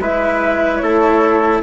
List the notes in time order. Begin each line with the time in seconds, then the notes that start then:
0.00 G#3 E4 B4 E5
0.78 A3 A4 C#5